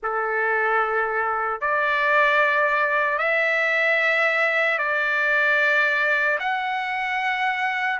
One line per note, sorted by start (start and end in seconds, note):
0.02 1.60 A4
1.60 3.18 D5
3.18 4.78 E5
4.78 6.38 D5
6.39 7.99 F#5